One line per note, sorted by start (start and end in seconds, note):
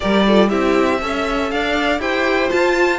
0.00 0.52 G3
0.00 0.25 G4
0.00 0.26 A#4
0.00 0.48 D5
0.27 0.50 F4
0.27 0.49 A4
0.48 1.02 C4
0.48 1.00 E4
0.48 0.99 G4
0.48 1.48 E5
1.00 1.51 C#4
1.00 1.99 A4
1.00 1.52 E5
1.50 1.99 D4
1.50 2.00 D5
1.50 2.00 F5
1.99 2.49 E4
1.99 2.49 G4
1.99 2.98 C5
1.99 2.49 G5
2.49 2.98 F4
2.49 2.98 A5